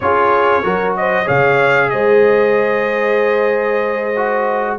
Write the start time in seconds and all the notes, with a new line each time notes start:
0.00 C#4 F4 G#4 C#5
0.63 F#3 F#4 A#4
0.96 C5 D#5
1.24 C#3 G#4 C#5 F5
1.89 G#3 C5 D#5
4.16 F#4